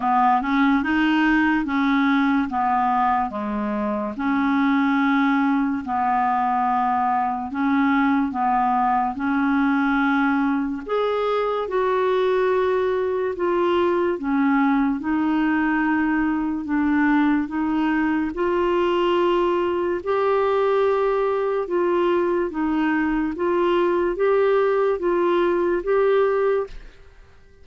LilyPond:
\new Staff \with { instrumentName = "clarinet" } { \time 4/4 \tempo 4 = 72 b8 cis'8 dis'4 cis'4 b4 | gis4 cis'2 b4~ | b4 cis'4 b4 cis'4~ | cis'4 gis'4 fis'2 |
f'4 cis'4 dis'2 | d'4 dis'4 f'2 | g'2 f'4 dis'4 | f'4 g'4 f'4 g'4 | }